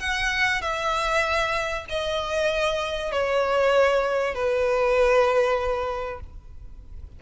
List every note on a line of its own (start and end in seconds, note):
0.00 0.62 F#5
0.62 1.86 E5
1.90 3.12 D#5
3.12 4.35 C#5
4.35 6.21 B4